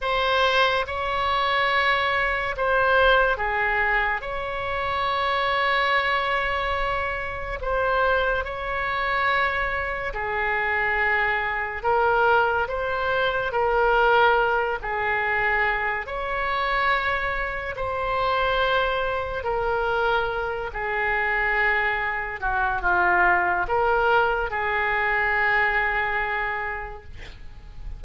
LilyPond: \new Staff \with { instrumentName = "oboe" } { \time 4/4 \tempo 4 = 71 c''4 cis''2 c''4 | gis'4 cis''2.~ | cis''4 c''4 cis''2 | gis'2 ais'4 c''4 |
ais'4. gis'4. cis''4~ | cis''4 c''2 ais'4~ | ais'8 gis'2 fis'8 f'4 | ais'4 gis'2. | }